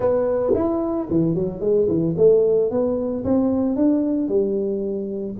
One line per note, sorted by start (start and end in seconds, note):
0.00 0.54 B3
0.54 1.07 E4
1.10 1.35 E3
1.35 1.60 F#3
1.60 1.87 G#3
1.87 2.14 E3
2.17 2.70 A3
2.70 3.24 B3
3.24 3.75 C4
3.75 4.28 D4
4.28 5.35 G3